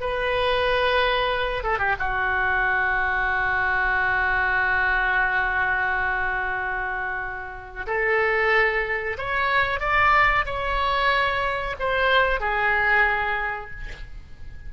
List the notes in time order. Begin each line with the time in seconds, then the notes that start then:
0.00 B4
1.63 A4
1.78 G4
1.99 F#4
7.86 A4
9.17 C#5
9.79 D5
10.45 C#5
11.79 C5
12.40 G#4